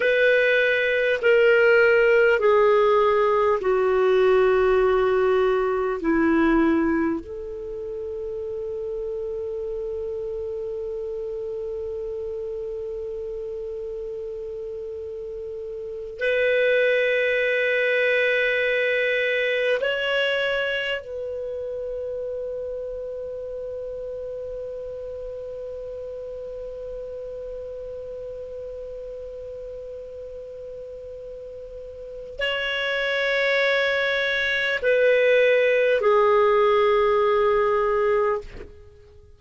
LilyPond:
\new Staff \with { instrumentName = "clarinet" } { \time 4/4 \tempo 4 = 50 b'4 ais'4 gis'4 fis'4~ | fis'4 e'4 a'2~ | a'1~ | a'4. b'2~ b'8~ |
b'8 cis''4 b'2~ b'8~ | b'1~ | b'2. cis''4~ | cis''4 b'4 gis'2 | }